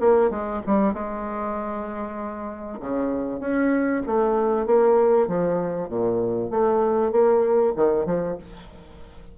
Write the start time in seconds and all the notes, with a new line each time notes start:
0.00 A#3
0.30 G#3
0.67 G3
0.94 G#3
2.80 C#3
3.40 C#4
4.06 A3
4.66 A#3
5.28 F3
5.89 A#2
6.51 A3
7.12 A#3
7.76 D#3
8.06 F3